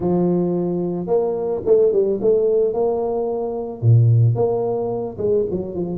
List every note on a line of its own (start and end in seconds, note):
0.00 1.06 F3
1.06 1.61 A#3
1.65 1.92 A3
1.92 2.19 G3
2.21 2.73 A3
2.73 3.81 A#3
3.81 4.35 A#2
4.35 5.17 A#3
5.17 5.44 G#3
5.50 5.74 F#3
5.74 5.97 F3